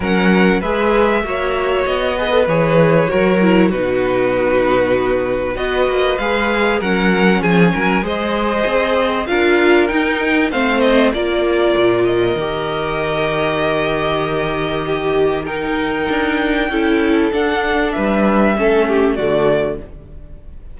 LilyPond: <<
  \new Staff \with { instrumentName = "violin" } { \time 4/4 \tempo 4 = 97 fis''4 e''2 dis''4 | cis''2 b'2~ | b'4 dis''4 f''4 fis''4 | gis''4 dis''2 f''4 |
g''4 f''8 dis''8 d''4. dis''8~ | dis''1~ | dis''4 g''2. | fis''4 e''2 d''4 | }
  \new Staff \with { instrumentName = "violin" } { \time 4/4 ais'4 b'4 cis''4. b'8~ | b'4 ais'4 fis'2~ | fis'4 b'2 ais'4 | gis'8 ais'8 c''2 ais'4~ |
ais'4 c''4 ais'2~ | ais'1 | g'4 ais'2 a'4~ | a'4 b'4 a'8 g'8 fis'4 | }
  \new Staff \with { instrumentName = "viola" } { \time 4/4 cis'4 gis'4 fis'4. gis'16 a'16 | gis'4 fis'8 e'8 dis'2~ | dis'4 fis'4 gis'4 cis'4~ | cis'4 gis'2 f'4 |
dis'4 c'4 f'2 | g'1~ | g'4 dis'2 e'4 | d'2 cis'4 a4 | }
  \new Staff \with { instrumentName = "cello" } { \time 4/4 fis4 gis4 ais4 b4 | e4 fis4 b,2~ | b,4 b8 ais8 gis4 fis4 | f8 fis8 gis4 c'4 d'4 |
dis'4 a4 ais4 ais,4 | dis1~ | dis2 d'4 cis'4 | d'4 g4 a4 d4 | }
>>